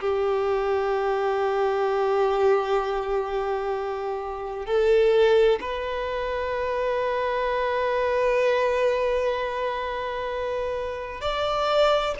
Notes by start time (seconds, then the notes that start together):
0.00 G4
4.65 A4
5.60 B4
11.21 D5